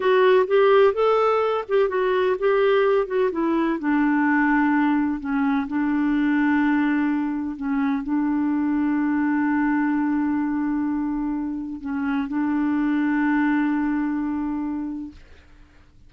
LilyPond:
\new Staff \with { instrumentName = "clarinet" } { \time 4/4 \tempo 4 = 127 fis'4 g'4 a'4. g'8 | fis'4 g'4. fis'8 e'4 | d'2. cis'4 | d'1 |
cis'4 d'2.~ | d'1~ | d'4 cis'4 d'2~ | d'1 | }